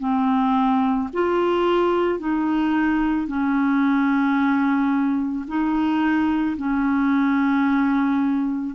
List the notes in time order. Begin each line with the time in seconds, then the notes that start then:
0.00 C4
1.14 F4
2.20 D#4
3.27 C#4
5.48 D#4
6.58 C#4